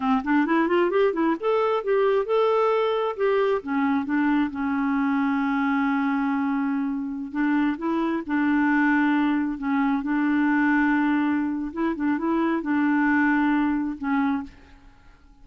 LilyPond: \new Staff \with { instrumentName = "clarinet" } { \time 4/4 \tempo 4 = 133 c'8 d'8 e'8 f'8 g'8 e'8 a'4 | g'4 a'2 g'4 | cis'4 d'4 cis'2~ | cis'1~ |
cis'16 d'4 e'4 d'4.~ d'16~ | d'4~ d'16 cis'4 d'4.~ d'16~ | d'2 e'8 d'8 e'4 | d'2. cis'4 | }